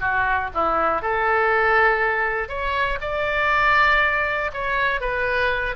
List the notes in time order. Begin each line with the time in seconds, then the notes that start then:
0.00 F#4
0.54 E4
1.01 A4
2.48 C#5
3.01 D5
4.53 C#5
5.00 B4